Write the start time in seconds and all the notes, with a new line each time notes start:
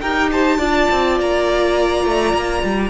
0.00 D#4 G4 A#4 G5
0.31 C5 A5
0.58 D4 F4 D5
0.91 C4
1.20 A#3 A#5
2.04 A3
2.34 A#3
2.63 G3